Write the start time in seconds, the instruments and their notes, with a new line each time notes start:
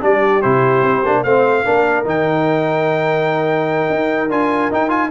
0.00 tuba G3, trombone D4, horn G4, trumpet D5
0.42 tuba C3, trombone E4, trumpet C5
0.83 tuba C4
1.06 tuba A#3, trombone D4
1.23 tuba A3, trombone C4, horn C5, trumpet F5
1.65 tuba A#3, trombone D4, horn A#4
2.05 tuba D#3, trombone D#4, trumpet G5
3.89 tuba D#4
4.30 tuba D4, trombone F4, trumpet G#5
4.71 trombone D#4, tuba D#4, trumpet G5
4.89 trombone F4, trumpet G#5